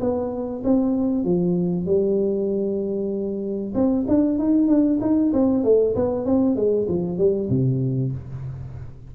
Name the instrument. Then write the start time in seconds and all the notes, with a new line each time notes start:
tuba
0.00 B3
0.63 C4
1.24 F3
1.86 G3
3.74 C4
4.08 D4
4.38 D#4
4.68 D4
5.01 D#4
5.33 C4
5.63 A3
5.95 B3
6.25 C4
6.55 G#3
6.88 F3
7.18 G3
7.49 C3